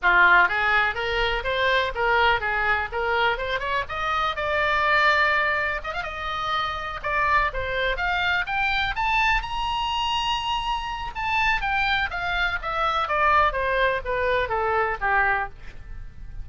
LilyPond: \new Staff \with { instrumentName = "oboe" } { \time 4/4 \tempo 4 = 124 f'4 gis'4 ais'4 c''4 | ais'4 gis'4 ais'4 c''8 cis''8 | dis''4 d''2. | dis''16 f''16 dis''2 d''4 c''8~ |
c''8 f''4 g''4 a''4 ais''8~ | ais''2. a''4 | g''4 f''4 e''4 d''4 | c''4 b'4 a'4 g'4 | }